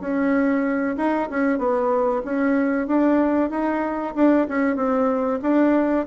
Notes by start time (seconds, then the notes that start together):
0.00 C#4
0.97 D#4
1.30 C#4
1.58 B3
2.25 C#4
2.87 D4
3.50 D#4
4.15 D4
4.48 C#4
4.76 C4
5.42 D4